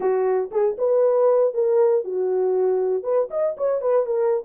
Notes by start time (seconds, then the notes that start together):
0.00 F#4
0.51 G#4
0.78 B4
1.54 A#4
2.04 F#4
3.03 B4
3.30 D#5
3.57 C#5
3.81 B4
4.06 A#4